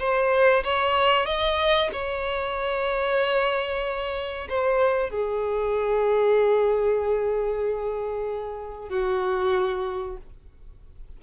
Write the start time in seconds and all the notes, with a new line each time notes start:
0.00 C5
0.64 C#5
1.26 D#5
1.93 C#5
4.49 C5
5.11 G#4
8.90 F#4